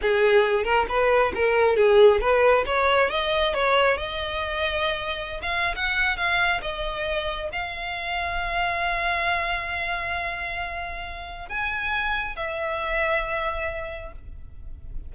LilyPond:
\new Staff \with { instrumentName = "violin" } { \time 4/4 \tempo 4 = 136 gis'4. ais'8 b'4 ais'4 | gis'4 b'4 cis''4 dis''4 | cis''4 dis''2.~ | dis''16 f''8. fis''4 f''4 dis''4~ |
dis''4 f''2.~ | f''1~ | f''2 gis''2 | e''1 | }